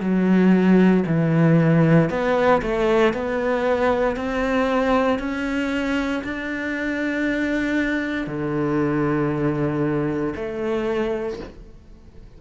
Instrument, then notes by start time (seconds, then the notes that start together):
cello
0.00 F#3
1.07 E3
2.10 B3
2.62 A3
3.14 B3
4.16 C4
5.19 C#4
6.24 D4
8.27 D3
10.36 A3